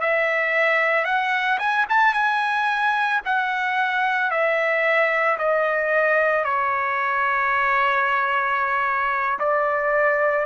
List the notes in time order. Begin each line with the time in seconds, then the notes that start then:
0.00 E5
1.05 F#5
1.59 G#5
1.89 A5
2.13 G#5
3.25 F#5
4.31 E5
5.38 D#5
6.44 C#5
9.39 D5